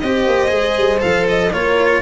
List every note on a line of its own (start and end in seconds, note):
0.00 0.27 C4
0.00 0.48 G4
0.00 1.51 C5
0.00 1.01 D#5
0.27 0.52 A#3
0.48 0.77 G#3
0.48 0.99 G#4
0.77 1.02 G3
0.99 1.52 F3
0.99 1.50 A4
0.99 1.27 F5
1.29 1.53 D#5
1.51 2.02 A#3
1.51 2.02 F4
1.51 2.02 A#4
1.51 2.02 C#5